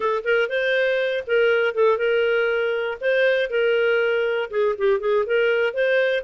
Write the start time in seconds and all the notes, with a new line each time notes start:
0.00 A4
0.24 A#4
0.49 C5
1.26 A#4
1.74 A4
1.98 A#4
3.00 C5
3.50 A#4
4.50 G#4
4.77 G4
5.00 G#4
5.26 A#4
5.73 C5